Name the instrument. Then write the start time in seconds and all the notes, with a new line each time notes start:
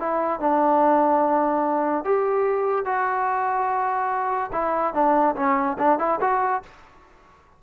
trombone
0.00 E4
0.40 D4
2.05 G4
2.86 F#4
4.53 E4
4.94 D4
5.36 C#4
5.79 D4
5.99 E4
6.21 F#4